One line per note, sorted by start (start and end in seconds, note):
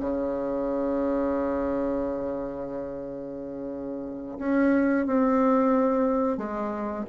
0.00 4.38 C#3
4.39 5.06 C#4
5.06 6.37 C4
6.37 7.04 G#3